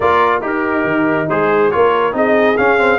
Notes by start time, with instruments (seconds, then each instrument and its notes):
0.00 tuba A#3, trombone F4, horn A#4, trumpet D5
0.41 tuba D#4, horn D#4, trombone G4, trumpet A#4
0.84 tuba D#3
1.29 tuba G#3, trombone G#4, trumpet C5
1.71 tuba A#3, trombone F4, horn A#4, trumpet C#5
2.12 tuba C4, trombone D#4, horn G#4, trumpet D#5
2.57 trombone C#4, tuba C#4, trumpet F5
2.78 trombone C4